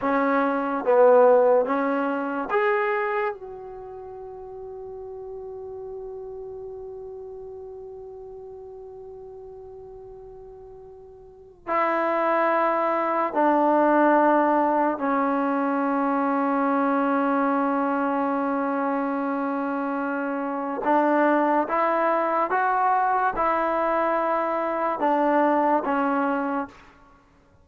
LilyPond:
\new Staff \with { instrumentName = "trombone" } { \time 4/4 \tempo 4 = 72 cis'4 b4 cis'4 gis'4 | fis'1~ | fis'1~ | fis'2 e'2 |
d'2 cis'2~ | cis'1~ | cis'4 d'4 e'4 fis'4 | e'2 d'4 cis'4 | }